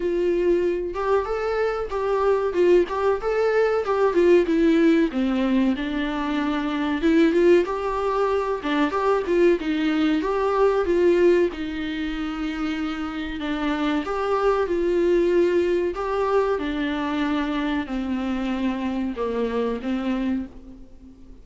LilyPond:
\new Staff \with { instrumentName = "viola" } { \time 4/4 \tempo 4 = 94 f'4. g'8 a'4 g'4 | f'8 g'8 a'4 g'8 f'8 e'4 | c'4 d'2 e'8 f'8 | g'4. d'8 g'8 f'8 dis'4 |
g'4 f'4 dis'2~ | dis'4 d'4 g'4 f'4~ | f'4 g'4 d'2 | c'2 ais4 c'4 | }